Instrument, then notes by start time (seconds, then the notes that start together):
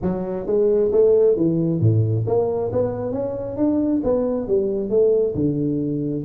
tuba
0.02 F#3
0.46 G#3
0.91 A3
1.36 E3
1.80 A2
2.26 A#3
2.72 B3
3.11 C#4
3.57 D4
4.03 B3
4.47 G3
4.89 A3
5.34 D3